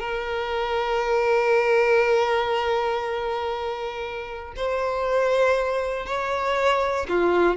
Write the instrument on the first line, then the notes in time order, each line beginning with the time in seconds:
violin
0.00 A#4
4.56 C5
6.06 C#5
7.09 F4